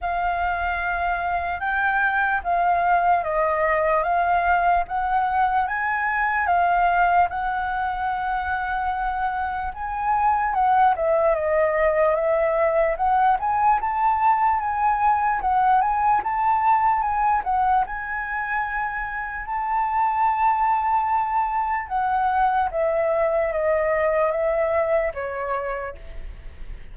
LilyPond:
\new Staff \with { instrumentName = "flute" } { \time 4/4 \tempo 4 = 74 f''2 g''4 f''4 | dis''4 f''4 fis''4 gis''4 | f''4 fis''2. | gis''4 fis''8 e''8 dis''4 e''4 |
fis''8 gis''8 a''4 gis''4 fis''8 gis''8 | a''4 gis''8 fis''8 gis''2 | a''2. fis''4 | e''4 dis''4 e''4 cis''4 | }